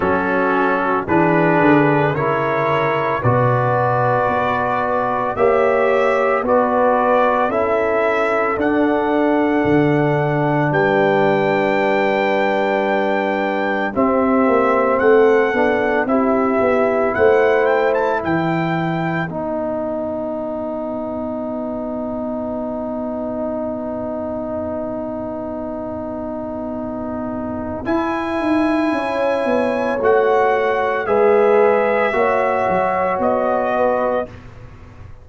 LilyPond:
<<
  \new Staff \with { instrumentName = "trumpet" } { \time 4/4 \tempo 4 = 56 a'4 b'4 cis''4 d''4~ | d''4 e''4 d''4 e''4 | fis''2 g''2~ | g''4 e''4 fis''4 e''4 |
fis''8 g''16 a''16 g''4 fis''2~ | fis''1~ | fis''2 gis''2 | fis''4 e''2 dis''4 | }
  \new Staff \with { instrumentName = "horn" } { \time 4/4 fis'4 gis'4 ais'4 b'4~ | b'4 cis''4 b'4 a'4~ | a'2 b'2~ | b'4 g'4 a'4 g'4 |
c''4 b'2.~ | b'1~ | b'2. cis''4~ | cis''4 b'4 cis''4. b'8 | }
  \new Staff \with { instrumentName = "trombone" } { \time 4/4 cis'4 d'4 e'4 fis'4~ | fis'4 g'4 fis'4 e'4 | d'1~ | d'4 c'4. d'8 e'4~ |
e'2 dis'2~ | dis'1~ | dis'2 e'2 | fis'4 gis'4 fis'2 | }
  \new Staff \with { instrumentName = "tuba" } { \time 4/4 fis4 e8 d8 cis4 b,4 | b4 ais4 b4 cis'4 | d'4 d4 g2~ | g4 c'8 ais8 a8 b8 c'8 b8 |
a4 e4 b2~ | b1~ | b2 e'8 dis'8 cis'8 b8 | a4 gis4 ais8 fis8 b4 | }
>>